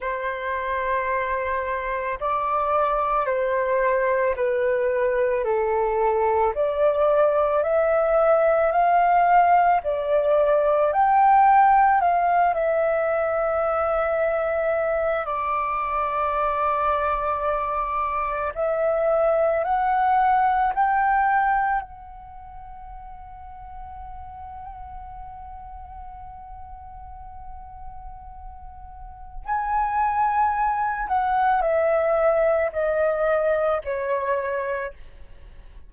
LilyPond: \new Staff \with { instrumentName = "flute" } { \time 4/4 \tempo 4 = 55 c''2 d''4 c''4 | b'4 a'4 d''4 e''4 | f''4 d''4 g''4 f''8 e''8~ | e''2 d''2~ |
d''4 e''4 fis''4 g''4 | fis''1~ | fis''2. gis''4~ | gis''8 fis''8 e''4 dis''4 cis''4 | }